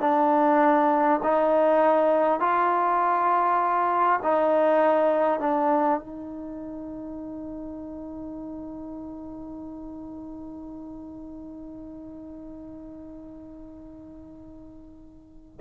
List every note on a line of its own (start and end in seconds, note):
0.00 1.20 D4
1.23 2.39 D#4
2.39 4.19 F4
4.23 5.39 D#4
5.39 5.99 D4
5.99 15.59 D#4